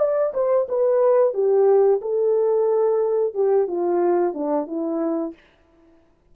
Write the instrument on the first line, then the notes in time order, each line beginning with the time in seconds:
horn
0.00 D5
0.34 C5
0.69 B4
1.34 G4
2.02 A4
3.35 G4
3.68 F4
4.34 D4
4.68 E4